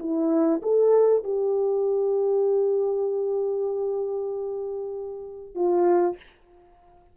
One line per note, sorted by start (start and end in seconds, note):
0.00 0.62 E4
0.63 1.24 A4
1.24 5.55 G4
5.55 6.17 F4